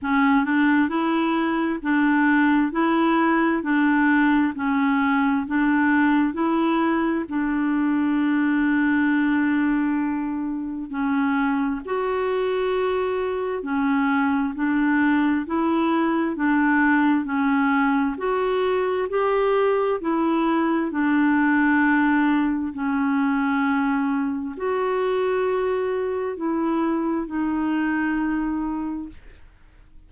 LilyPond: \new Staff \with { instrumentName = "clarinet" } { \time 4/4 \tempo 4 = 66 cis'8 d'8 e'4 d'4 e'4 | d'4 cis'4 d'4 e'4 | d'1 | cis'4 fis'2 cis'4 |
d'4 e'4 d'4 cis'4 | fis'4 g'4 e'4 d'4~ | d'4 cis'2 fis'4~ | fis'4 e'4 dis'2 | }